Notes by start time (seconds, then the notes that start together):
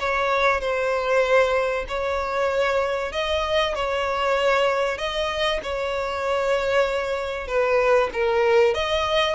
0.00 C#5
0.61 C5
1.88 C#5
3.12 D#5
3.75 C#5
4.98 D#5
5.63 C#5
7.47 B4
8.13 A#4
8.74 D#5